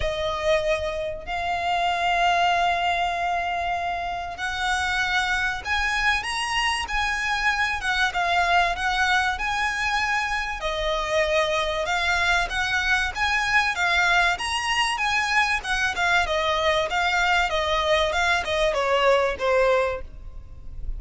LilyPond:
\new Staff \with { instrumentName = "violin" } { \time 4/4 \tempo 4 = 96 dis''2 f''2~ | f''2. fis''4~ | fis''4 gis''4 ais''4 gis''4~ | gis''8 fis''8 f''4 fis''4 gis''4~ |
gis''4 dis''2 f''4 | fis''4 gis''4 f''4 ais''4 | gis''4 fis''8 f''8 dis''4 f''4 | dis''4 f''8 dis''8 cis''4 c''4 | }